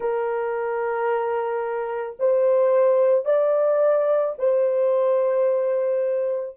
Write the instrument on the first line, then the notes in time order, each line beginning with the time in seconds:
horn
0.00 A#4
2.19 C5
3.25 D5
4.38 C5